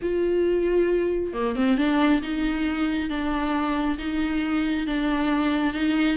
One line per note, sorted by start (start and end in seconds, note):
0.02 1.33 F4
1.33 1.55 A#3
1.55 1.77 C4
1.77 2.21 D4
2.22 3.09 D#4
3.09 3.97 D4
3.98 4.86 D#4
4.86 5.73 D4
5.73 6.17 D#4